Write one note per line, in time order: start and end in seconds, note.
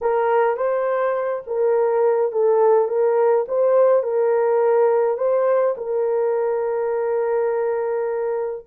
0.01 0.56 A#4
0.56 1.43 C5
1.46 2.32 A#4
2.32 2.88 A4
2.88 3.45 A#4
3.48 4.03 C5
4.03 5.17 A#4
5.17 5.75 C5
5.77 8.65 A#4